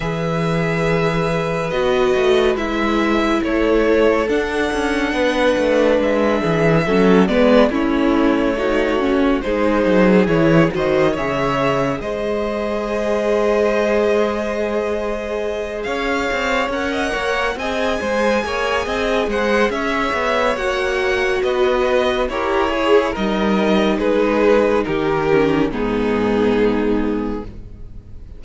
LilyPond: <<
  \new Staff \with { instrumentName = "violin" } { \time 4/4 \tempo 4 = 70 e''2 dis''4 e''4 | cis''4 fis''2 e''4~ | e''8 d''8 cis''2 c''4 | cis''8 dis''8 e''4 dis''2~ |
dis''2~ dis''8 f''4 fis''8~ | fis''8 gis''2 fis''8 e''4 | fis''4 dis''4 cis''4 dis''4 | b'4 ais'4 gis'2 | }
  \new Staff \with { instrumentName = "violin" } { \time 4/4 b'1 | a'2 b'4. gis'8 | a'8 b'8 e'4 fis'4 gis'4~ | gis'8 c''8 cis''4 c''2~ |
c''2~ c''8 cis''4~ cis''16 dis''16 | cis''8 dis''8 c''8 cis''8 dis''8 c''8 cis''4~ | cis''4 b'4 ais'8 gis'8 ais'4 | gis'4 g'4 dis'2 | }
  \new Staff \with { instrumentName = "viola" } { \time 4/4 gis'2 fis'4 e'4~ | e'4 d'2. | cis'8 b8 cis'4 dis'8 cis'8 dis'4 | e'8 fis'8 gis'2.~ |
gis'2.~ gis'8 ais'8~ | ais'8 gis'2.~ gis'8 | fis'2 g'8 gis'8 dis'4~ | dis'4. cis'8 b2 | }
  \new Staff \with { instrumentName = "cello" } { \time 4/4 e2 b8 a8 gis4 | a4 d'8 cis'8 b8 a8 gis8 e8 | fis8 gis8 a2 gis8 fis8 | e8 dis8 cis4 gis2~ |
gis2~ gis8 cis'8 c'8 cis'8 | ais8 c'8 gis8 ais8 c'8 gis8 cis'8 b8 | ais4 b4 e'4 g4 | gis4 dis4 gis,2 | }
>>